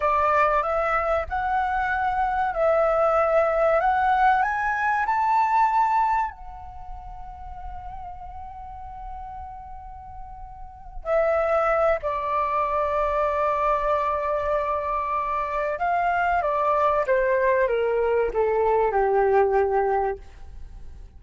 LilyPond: \new Staff \with { instrumentName = "flute" } { \time 4/4 \tempo 4 = 95 d''4 e''4 fis''2 | e''2 fis''4 gis''4 | a''2 fis''2~ | fis''1~ |
fis''4. e''4. d''4~ | d''1~ | d''4 f''4 d''4 c''4 | ais'4 a'4 g'2 | }